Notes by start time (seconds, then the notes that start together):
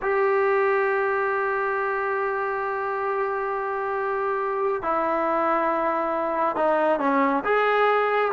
0.02 G4
4.82 E4
6.56 D#4
6.99 C#4
7.44 G#4